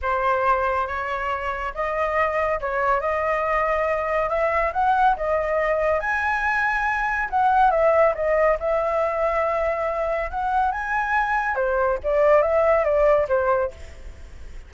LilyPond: \new Staff \with { instrumentName = "flute" } { \time 4/4 \tempo 4 = 140 c''2 cis''2 | dis''2 cis''4 dis''4~ | dis''2 e''4 fis''4 | dis''2 gis''2~ |
gis''4 fis''4 e''4 dis''4 | e''1 | fis''4 gis''2 c''4 | d''4 e''4 d''4 c''4 | }